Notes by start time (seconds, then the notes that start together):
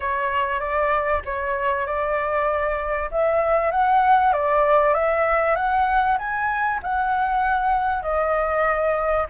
0.00 C#5
0.60 D5
1.25 C#5
1.86 D5
3.11 E5
3.71 F#5
4.32 D5
4.93 E5
5.55 F#5
6.18 G#5
6.82 F#5
8.02 D#5